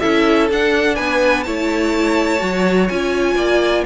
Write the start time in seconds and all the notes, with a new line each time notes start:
0.00 C#4 E4 A4 E5
0.51 D4 F#5
0.95 B3 B4 G#5
1.44 A3 E4 C#5 A5
2.39 F#3 F#4
2.88 C#4 F4 G#5
3.36 A#3 D5